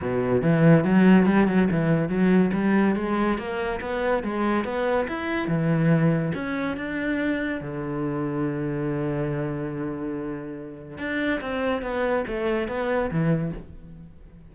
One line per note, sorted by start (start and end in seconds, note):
0.01 0.42 B2
0.42 0.84 E3
0.84 1.26 F#3
1.26 1.47 G3
1.47 1.68 F#3
1.70 2.08 E3
2.08 2.51 F#3
2.53 2.95 G3
2.95 3.37 G#3
3.37 3.80 A#3
3.80 4.23 B3
4.23 4.64 G#3
4.64 5.06 B3
5.08 5.47 E4
5.47 6.32 E3
6.34 6.76 C#4
6.76 7.60 D4
7.60 10.98 D3
10.98 11.40 D4
11.41 11.82 C4
11.82 12.24 B3
12.27 12.68 A3
12.68 13.10 B3
13.10 13.52 E3